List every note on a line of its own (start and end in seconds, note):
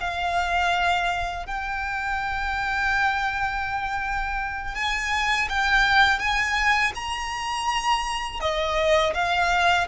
0.00 1.46 F5
1.46 4.75 G5
4.75 5.48 G#5
5.49 6.19 G5
6.19 6.92 G#5
6.95 8.40 A#5
8.40 9.14 D#5
9.14 9.87 F5